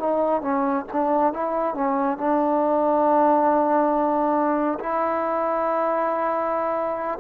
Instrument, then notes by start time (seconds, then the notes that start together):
trombone
0.00 D#4
0.42 C#4
0.93 D4
1.34 E4
1.75 C#4
2.18 D4
4.80 E4